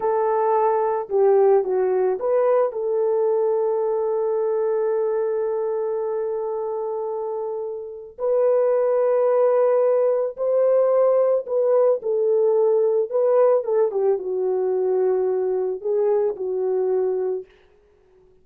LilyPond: \new Staff \with { instrumentName = "horn" } { \time 4/4 \tempo 4 = 110 a'2 g'4 fis'4 | b'4 a'2.~ | a'1~ | a'2. b'4~ |
b'2. c''4~ | c''4 b'4 a'2 | b'4 a'8 g'8 fis'2~ | fis'4 gis'4 fis'2 | }